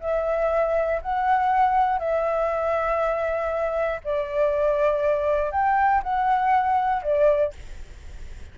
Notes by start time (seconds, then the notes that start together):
0.00 E5
1.02 F#5
1.99 E5
4.04 D5
5.51 G5
6.03 F#5
7.03 D5